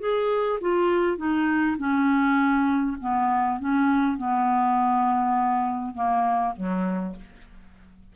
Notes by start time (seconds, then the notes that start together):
0.00 G#4
0.61 F4
1.18 D#4
1.78 C#4
3.01 B3
3.60 C#4
4.17 B3
5.95 A#3
6.57 F#3